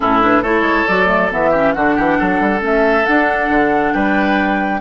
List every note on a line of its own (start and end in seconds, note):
0.00 0.42 A2
0.00 0.21 C#4
0.00 0.42 E4
0.00 0.22 A4
0.21 0.43 D4
0.21 0.43 B4
0.42 0.61 A3
0.42 0.87 E4
0.42 1.50 A4
0.42 0.87 C#5
0.61 0.83 G#3
0.87 1.32 F#3
0.87 1.07 F#4
0.87 1.31 D5
1.07 1.28 A3
1.31 1.75 E3
1.31 1.53 B3
1.31 1.73 E5
1.50 1.75 C#4
1.50 1.72 G4
1.73 1.98 D3
1.73 2.59 D4
1.73 1.95 F#4
1.73 2.60 F#5
1.95 2.20 E3
1.95 2.17 G4
2.18 2.40 F#3
2.18 3.94 A4
2.40 2.61 G3
2.59 3.05 A3
2.59 3.03 C#4
2.59 3.05 E5
3.05 4.80 D4
3.05 3.49 D4
3.05 3.93 F#5
3.49 3.93 D3
3.93 4.80 G3
3.93 4.80 B4
3.93 4.80 G5